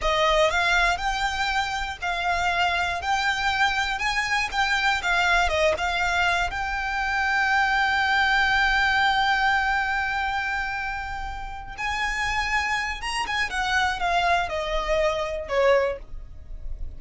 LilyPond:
\new Staff \with { instrumentName = "violin" } { \time 4/4 \tempo 4 = 120 dis''4 f''4 g''2 | f''2 g''2 | gis''4 g''4 f''4 dis''8 f''8~ | f''4 g''2.~ |
g''1~ | g''2.~ g''8 gis''8~ | gis''2 ais''8 gis''8 fis''4 | f''4 dis''2 cis''4 | }